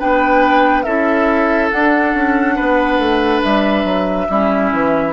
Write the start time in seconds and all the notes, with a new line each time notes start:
0.00 B3 D4 B4 G5
0.83 C#4 E4 A4 E5
1.71 D4 F#5
2.14 C#4
2.56 B3 B4
2.99 A3
3.43 G3 E5
3.84 F#3
4.29 G3 C#4 E4
4.72 E3